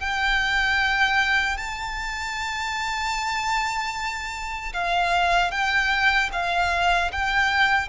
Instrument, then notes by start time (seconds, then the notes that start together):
violin
0.00 G5
1.58 A5
4.74 F5
5.52 G5
6.33 F5
7.13 G5